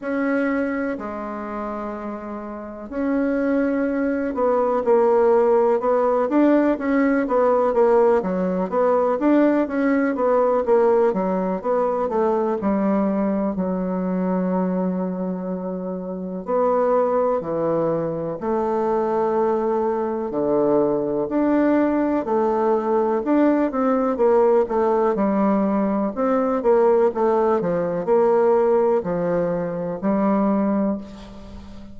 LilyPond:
\new Staff \with { instrumentName = "bassoon" } { \time 4/4 \tempo 4 = 62 cis'4 gis2 cis'4~ | cis'8 b8 ais4 b8 d'8 cis'8 b8 | ais8 fis8 b8 d'8 cis'8 b8 ais8 fis8 | b8 a8 g4 fis2~ |
fis4 b4 e4 a4~ | a4 d4 d'4 a4 | d'8 c'8 ais8 a8 g4 c'8 ais8 | a8 f8 ais4 f4 g4 | }